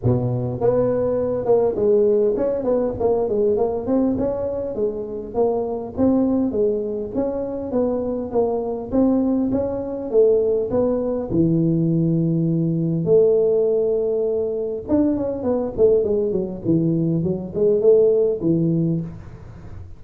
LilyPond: \new Staff \with { instrumentName = "tuba" } { \time 4/4 \tempo 4 = 101 b,4 b4. ais8 gis4 | cis'8 b8 ais8 gis8 ais8 c'8 cis'4 | gis4 ais4 c'4 gis4 | cis'4 b4 ais4 c'4 |
cis'4 a4 b4 e4~ | e2 a2~ | a4 d'8 cis'8 b8 a8 gis8 fis8 | e4 fis8 gis8 a4 e4 | }